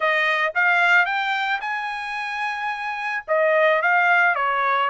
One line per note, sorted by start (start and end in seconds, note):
0.00 0.53 D#5
0.55 1.05 F5
1.05 1.60 G5
1.60 3.24 G#5
3.27 3.82 D#5
3.82 4.35 F5
4.35 4.89 C#5